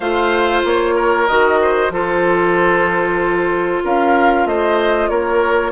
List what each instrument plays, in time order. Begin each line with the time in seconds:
0.00 bassoon A3, clarinet F4, oboe C5, flute F5
0.64 bassoon A#3, flute C#5
0.95 oboe A#4
1.27 bassoon D#3, clarinet F#4, flute D#5
1.61 oboe C5
1.89 bassoon F3, clarinet F4, oboe A4, flute C5
3.84 bassoon C#4, oboe A#4, flute F5
4.45 bassoon A3, oboe C5, flute D#5
5.08 bassoon A#3, oboe A#4, flute C#5